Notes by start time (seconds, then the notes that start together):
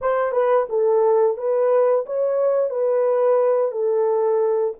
0.01 C5
0.32 B4
0.69 A4
1.37 B4
2.05 C#5
2.69 B4
3.71 A4